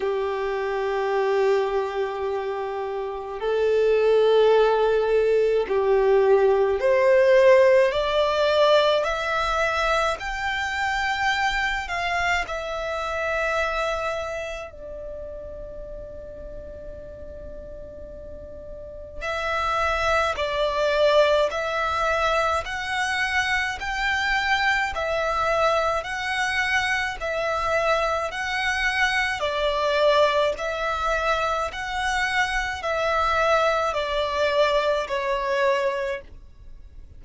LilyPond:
\new Staff \with { instrumentName = "violin" } { \time 4/4 \tempo 4 = 53 g'2. a'4~ | a'4 g'4 c''4 d''4 | e''4 g''4. f''8 e''4~ | e''4 d''2.~ |
d''4 e''4 d''4 e''4 | fis''4 g''4 e''4 fis''4 | e''4 fis''4 d''4 e''4 | fis''4 e''4 d''4 cis''4 | }